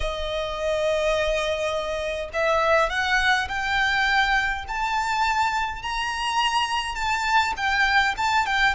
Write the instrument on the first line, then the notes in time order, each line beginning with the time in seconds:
violin
0.00 D#5
2.33 E5
2.89 F#5
3.48 G5
4.68 A5
5.82 A#5
6.95 A5
7.56 G5
8.17 A5
8.45 G5